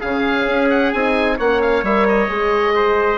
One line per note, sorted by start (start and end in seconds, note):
0.00 0.47 C#3
0.00 0.94 C#4
0.00 1.36 G#4
0.00 0.69 F5
0.47 0.93 C#4
0.69 0.92 F#5
0.92 1.39 C4
0.92 1.39 D#4
0.92 1.37 G#5
1.37 1.83 A#3
1.37 1.85 C#4
1.37 2.74 C#5
1.37 1.61 F#5
1.61 1.84 F5
1.83 2.28 G3
1.83 2.28 A#4
1.83 2.07 E5
2.08 3.18 D#5
2.28 3.18 G#3
2.28 3.18 G#4
2.75 3.18 C5